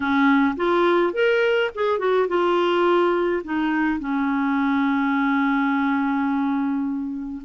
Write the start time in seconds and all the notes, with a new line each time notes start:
0.00 C#4
0.56 F4
1.13 A#4
1.74 G#4
1.98 F#4
2.28 F4
3.44 D#4
3.99 C#4